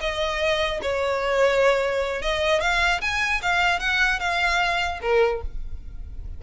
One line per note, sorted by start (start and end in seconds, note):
0.00 0.80 D#5
0.82 2.22 C#5
2.22 2.61 D#5
2.61 3.01 F5
3.01 3.41 G#5
3.42 3.79 F5
3.79 4.19 F#5
4.19 4.99 F5
5.01 5.41 A#4